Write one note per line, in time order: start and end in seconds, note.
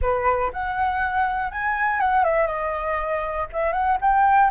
0.01 0.51 B4
0.53 1.51 F#5
1.51 2.00 G#5
2.00 2.24 F#5
2.24 2.46 E5
2.46 3.46 D#5
3.52 3.72 E5
3.72 3.97 F#5
4.01 4.50 G5